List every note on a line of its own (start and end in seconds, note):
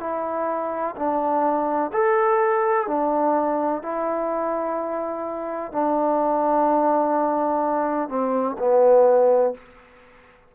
0.00 0.95 E4
0.96 1.91 D4
1.93 2.87 A4
2.87 3.83 D4
3.83 5.72 E4
5.72 8.09 D4
8.09 8.57 C4
8.59 9.54 B3